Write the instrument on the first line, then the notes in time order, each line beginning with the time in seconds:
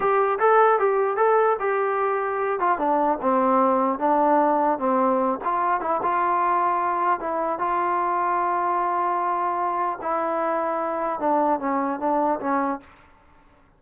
trombone
0.00 G4
0.39 A4
0.79 G4
1.16 A4
1.59 G4
2.59 F4
2.78 D4
3.21 C4
3.98 D4
4.79 C4
5.44 F4
5.80 E4
6.02 F4
7.19 E4
7.58 F4
10.01 E4
11.19 D4
11.59 C#4
11.99 D4
12.40 C#4